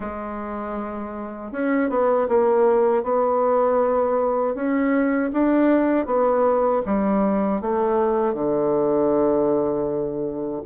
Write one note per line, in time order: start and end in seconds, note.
0.00 1.52 G#3
1.52 1.89 C#4
1.89 2.27 B3
2.28 3.03 A#3
3.03 4.55 B3
4.55 5.31 C#4
5.33 6.06 D4
6.06 6.81 B3
6.85 7.61 G3
7.61 8.34 A3
8.34 10.62 D3